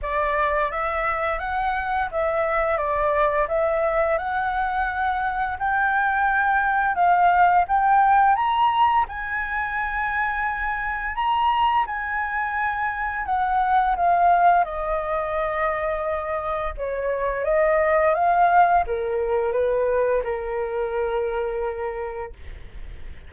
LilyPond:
\new Staff \with { instrumentName = "flute" } { \time 4/4 \tempo 4 = 86 d''4 e''4 fis''4 e''4 | d''4 e''4 fis''2 | g''2 f''4 g''4 | ais''4 gis''2. |
ais''4 gis''2 fis''4 | f''4 dis''2. | cis''4 dis''4 f''4 ais'4 | b'4 ais'2. | }